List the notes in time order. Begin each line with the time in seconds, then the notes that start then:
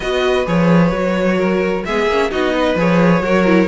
0.00 B3 F#4 B4 D#5
0.46 F3 G#4 C#5
0.91 F#3 F#4
1.37 A#4
1.84 G#3 B3 G#4 E5
2.06 A#3 C#4
2.30 B3 D#4 F#4 D#5
2.53 B4
2.75 F3 G#4 C#5
3.21 F#3 F#4 A#4
3.45 E4